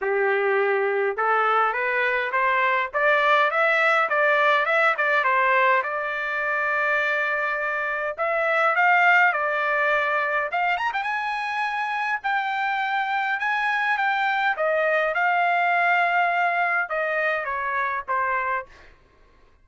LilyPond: \new Staff \with { instrumentName = "trumpet" } { \time 4/4 \tempo 4 = 103 g'2 a'4 b'4 | c''4 d''4 e''4 d''4 | e''8 d''8 c''4 d''2~ | d''2 e''4 f''4 |
d''2 f''8 ais''16 g''16 gis''4~ | gis''4 g''2 gis''4 | g''4 dis''4 f''2~ | f''4 dis''4 cis''4 c''4 | }